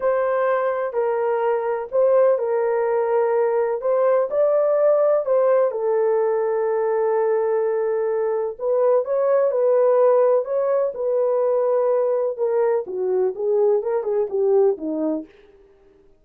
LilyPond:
\new Staff \with { instrumentName = "horn" } { \time 4/4 \tempo 4 = 126 c''2 ais'2 | c''4 ais'2. | c''4 d''2 c''4 | a'1~ |
a'2 b'4 cis''4 | b'2 cis''4 b'4~ | b'2 ais'4 fis'4 | gis'4 ais'8 gis'8 g'4 dis'4 | }